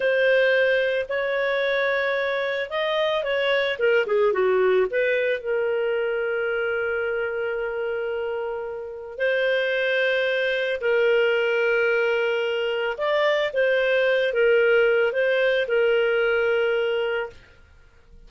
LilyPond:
\new Staff \with { instrumentName = "clarinet" } { \time 4/4 \tempo 4 = 111 c''2 cis''2~ | cis''4 dis''4 cis''4 ais'8 gis'8 | fis'4 b'4 ais'2~ | ais'1~ |
ais'4 c''2. | ais'1 | d''4 c''4. ais'4. | c''4 ais'2. | }